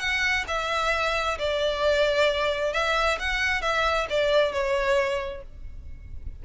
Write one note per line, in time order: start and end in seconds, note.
0.00 0.45 F#5
0.48 1.38 E5
1.39 2.74 D5
2.74 3.19 E5
3.19 3.62 F#5
3.62 4.07 E5
4.10 4.53 D5
4.53 5.43 C#5